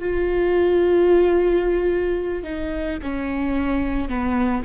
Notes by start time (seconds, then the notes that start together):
0.00 F4
2.44 D#4
3.02 C#4
4.09 B3